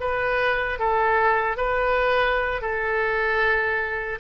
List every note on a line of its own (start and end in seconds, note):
0.00 0.79 B4
0.79 1.57 A4
1.57 2.61 B4
2.61 4.19 A4